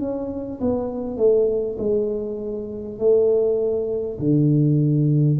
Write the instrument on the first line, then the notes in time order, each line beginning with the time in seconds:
tuba
0.00 C#4
0.61 B3
1.17 A3
1.79 G#3
2.99 A3
4.19 D3